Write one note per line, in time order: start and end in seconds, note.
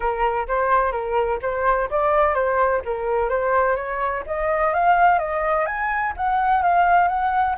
0.00 0.47 A#4
0.47 0.91 C5
0.91 1.39 A#4
1.42 1.89 C5
1.90 2.34 D5
2.34 2.81 C5
2.84 3.29 A#4
3.29 3.76 C5
3.76 4.23 C#5
4.26 4.73 D#5
4.73 5.18 F5
5.18 5.66 D#5
5.66 6.13 G#5
6.16 6.62 F#5
6.62 7.08 F5
7.08 7.55 F#5